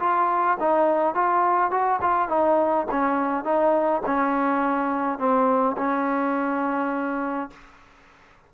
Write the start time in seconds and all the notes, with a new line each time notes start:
0.00 F4
0.60 D#4
1.15 F4
1.71 F#4
2.02 F4
2.29 D#4
2.91 C#4
3.45 D#4
4.06 C#4
5.19 C4
5.78 C#4